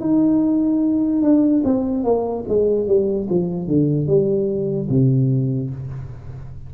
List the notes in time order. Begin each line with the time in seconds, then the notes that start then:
0.00 D#4
1.22 D4
1.64 C4
2.04 A#3
2.48 G#3
2.87 G3
3.29 F3
3.67 D3
4.07 G3
4.89 C3